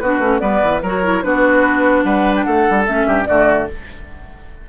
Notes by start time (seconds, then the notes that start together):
0.00 B3 D4 F#4 B4
0.20 A3 C#4
0.40 G3 B3 B4 D5
0.63 E3
0.82 F#3 F#4 A#4 C#5
1.03 E4
1.23 B3 D4 F#4 B4
2.03 G3 B4 F#5
2.36 G5
2.44 A3 A4 F#5
2.70 G3
2.87 A3 C#4 E5
3.06 G2 G4
3.25 D3 A3 F#4 D5